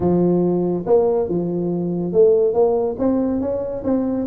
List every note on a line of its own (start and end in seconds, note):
0.00 0.85 F3
0.86 1.29 A#3
1.29 2.13 F3
2.13 2.53 A3
2.53 2.96 A#3
2.98 3.40 C4
3.40 3.83 C#4
3.84 4.26 C4